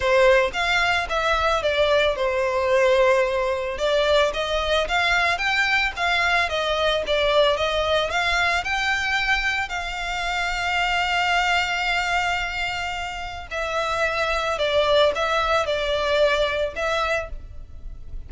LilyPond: \new Staff \with { instrumentName = "violin" } { \time 4/4 \tempo 4 = 111 c''4 f''4 e''4 d''4 | c''2. d''4 | dis''4 f''4 g''4 f''4 | dis''4 d''4 dis''4 f''4 |
g''2 f''2~ | f''1~ | f''4 e''2 d''4 | e''4 d''2 e''4 | }